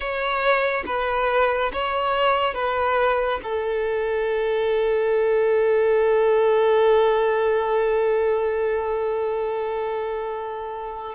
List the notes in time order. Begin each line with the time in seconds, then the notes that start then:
0.00 C#5
0.86 B4
1.73 C#5
2.54 B4
3.43 A4